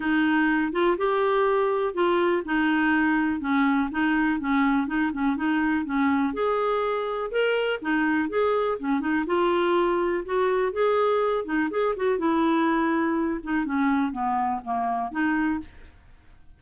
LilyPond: \new Staff \with { instrumentName = "clarinet" } { \time 4/4 \tempo 4 = 123 dis'4. f'8 g'2 | f'4 dis'2 cis'4 | dis'4 cis'4 dis'8 cis'8 dis'4 | cis'4 gis'2 ais'4 |
dis'4 gis'4 cis'8 dis'8 f'4~ | f'4 fis'4 gis'4. dis'8 | gis'8 fis'8 e'2~ e'8 dis'8 | cis'4 b4 ais4 dis'4 | }